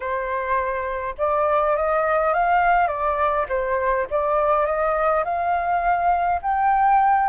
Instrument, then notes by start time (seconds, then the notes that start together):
flute
0.00 C5
1.18 D5
1.76 D#5
2.33 F5
2.87 D5
3.48 C5
4.10 D5
4.65 D#5
5.24 F5
6.42 G5